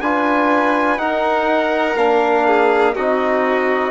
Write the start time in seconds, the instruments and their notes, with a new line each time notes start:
0.00 bassoon D4, trombone F4, violin B4, trumpet G#5
0.97 trombone D#4, bassoon D#4, violin A#4, trumpet F#5
1.96 bassoon A#3, trombone D4, trumpet F5
2.46 violin G#4
2.94 bassoon C4, trombone D#4, violin F#4, trumpet D#5